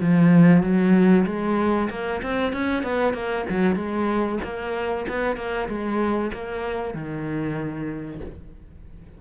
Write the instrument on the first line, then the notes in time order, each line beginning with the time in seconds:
cello
0.00 F3
0.62 F#3
1.26 G#3
1.90 A#3
2.22 C4
2.52 C#4
2.83 B3
3.13 A#3
3.49 F#3
3.76 G#3
4.43 A#3
5.08 B3
5.36 A#3
5.68 G#3
6.33 A#3
6.94 D#3